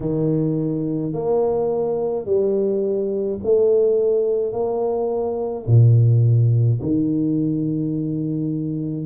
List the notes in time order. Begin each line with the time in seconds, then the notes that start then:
0.00 D#3
1.13 A#3
2.25 G3
3.43 A3
4.52 A#3
5.66 A#2
6.81 D#3